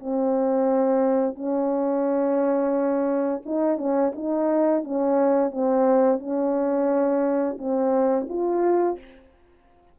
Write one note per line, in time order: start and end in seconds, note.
0.00 1.35 C4
1.35 3.42 C#4
3.45 3.78 D#4
3.78 4.12 C#4
4.16 4.84 D#4
4.84 5.51 C#4
5.51 6.20 C4
6.20 7.58 C#4
7.58 8.27 C4
8.29 8.98 F4